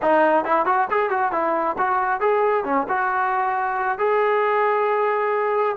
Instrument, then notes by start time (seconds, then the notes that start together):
trombone
0.02 D#4
0.44 E4
0.65 F#4
0.90 G#4
1.09 F#4
1.32 E4
1.78 F#4
2.20 G#4
2.64 C#4
2.88 F#4
3.98 G#4